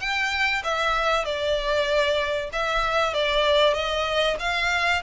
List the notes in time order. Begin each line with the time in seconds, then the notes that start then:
0.00 G5
0.64 E5
1.24 D5
2.52 E5
3.14 D5
3.74 D#5
4.39 F5